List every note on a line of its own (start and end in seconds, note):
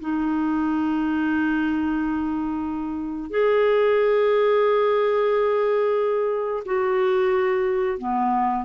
0.00 3.30 D#4
3.30 6.63 G#4
6.65 7.98 F#4
7.98 8.64 B3